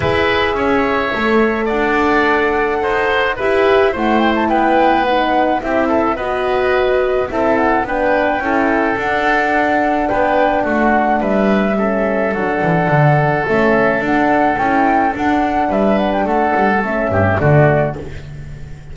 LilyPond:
<<
  \new Staff \with { instrumentName = "flute" } { \time 4/4 \tempo 4 = 107 e''2. fis''4~ | fis''2 e''4 fis''8 g''16 a''16 | g''4 fis''4 e''4 dis''4~ | dis''4 e''8 fis''8 g''2 |
fis''2 g''4 fis''4 | e''2 fis''2 | e''4 fis''4 g''4 fis''4 | e''8 fis''16 g''16 fis''4 e''4 d''4 | }
  \new Staff \with { instrumentName = "oboe" } { \time 4/4 b'4 cis''2 d''4~ | d''4 c''4 b'4 c''4 | b'2 g'8 a'8 b'4~ | b'4 a'4 b'4 a'4~ |
a'2 b'4 fis'4 | b'4 a'2.~ | a'1 | b'4 a'4. g'8 fis'4 | }
  \new Staff \with { instrumentName = "horn" } { \time 4/4 gis'2 a'2~ | a'2 g'4 e'4~ | e'4 dis'4 e'4 fis'4~ | fis'4 e'4 d'4 e'4 |
d'1~ | d'4 cis'4 d'2 | cis'4 d'4 e'4 d'4~ | d'2 cis'4 a4 | }
  \new Staff \with { instrumentName = "double bass" } { \time 4/4 e'4 cis'4 a4 d'4~ | d'4 dis'4 e'4 a4 | b2 c'4 b4~ | b4 c'4 b4 cis'4 |
d'2 b4 a4 | g2 fis8 e8 d4 | a4 d'4 cis'4 d'4 | g4 a8 g8 a8 g,8 d4 | }
>>